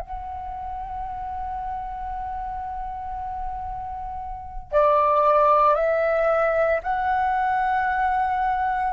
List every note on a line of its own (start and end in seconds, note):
0.00 4.72 F#5
4.72 5.75 D5
5.75 6.80 E5
6.84 8.94 F#5